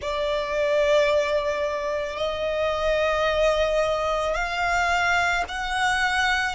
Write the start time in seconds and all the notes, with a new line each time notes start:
0.01 D5
2.17 D#5
4.34 F5
5.48 F#5